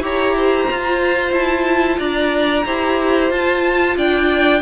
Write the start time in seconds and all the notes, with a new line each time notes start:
0.00 E4 G4 C#5 A#5
0.37 C5
0.67 F4
1.32 E4 A5
1.99 D4 D5 A#5
2.65 E4 G4 C5
3.31 F4 A5
3.97 D4 D5 G5